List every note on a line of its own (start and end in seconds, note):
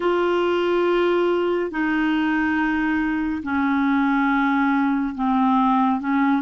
0.00 1.71 F4
1.71 3.42 D#4
3.43 5.14 C#4
5.14 6.00 C4
6.00 6.42 C#4